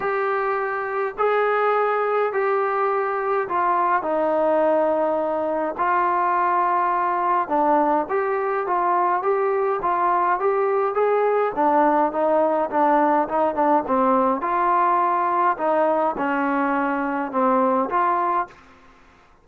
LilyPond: \new Staff \with { instrumentName = "trombone" } { \time 4/4 \tempo 4 = 104 g'2 gis'2 | g'2 f'4 dis'4~ | dis'2 f'2~ | f'4 d'4 g'4 f'4 |
g'4 f'4 g'4 gis'4 | d'4 dis'4 d'4 dis'8 d'8 | c'4 f'2 dis'4 | cis'2 c'4 f'4 | }